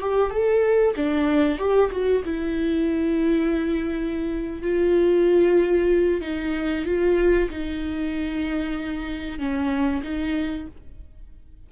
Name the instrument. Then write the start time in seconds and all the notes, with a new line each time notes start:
viola
0.00 G4
0.30 A4
0.96 D4
1.59 G4
1.91 F#4
2.25 E4
4.62 F4
6.21 D#4
6.86 F4
7.50 D#4
9.39 C#4
10.03 D#4